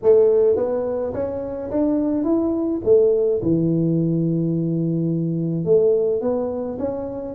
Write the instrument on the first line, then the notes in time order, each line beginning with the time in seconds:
tuba
0.02 A3
0.56 B3
1.13 C#4
1.70 D4
2.24 E4
2.84 A3
3.42 E3
5.64 A3
6.21 B3
6.78 C#4